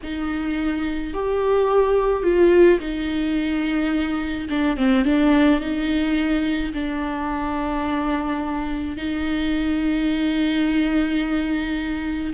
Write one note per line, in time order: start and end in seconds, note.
0.03 1.13 D#4
1.13 2.23 G4
2.23 2.79 F4
2.79 4.47 D#4
4.49 4.76 D4
4.76 5.04 C4
5.04 5.60 D4
5.60 6.72 D#4
6.73 8.96 D4
8.96 12.33 D#4